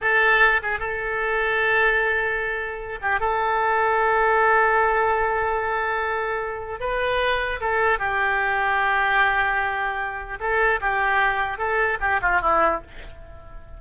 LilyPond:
\new Staff \with { instrumentName = "oboe" } { \time 4/4 \tempo 4 = 150 a'4. gis'8 a'2~ | a'2.~ a'8 g'8 | a'1~ | a'1~ |
a'4 b'2 a'4 | g'1~ | g'2 a'4 g'4~ | g'4 a'4 g'8 f'8 e'4 | }